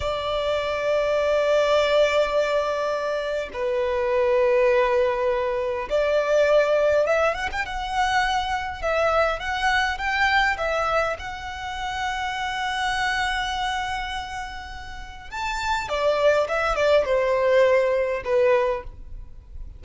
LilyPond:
\new Staff \with { instrumentName = "violin" } { \time 4/4 \tempo 4 = 102 d''1~ | d''2 b'2~ | b'2 d''2 | e''8 fis''16 g''16 fis''2 e''4 |
fis''4 g''4 e''4 fis''4~ | fis''1~ | fis''2 a''4 d''4 | e''8 d''8 c''2 b'4 | }